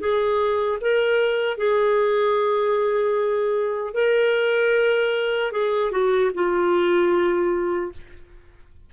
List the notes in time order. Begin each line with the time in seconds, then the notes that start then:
0.00 G#4
0.81 A#4
1.58 G#4
3.94 A#4
5.52 G#4
5.91 F#4
6.34 F4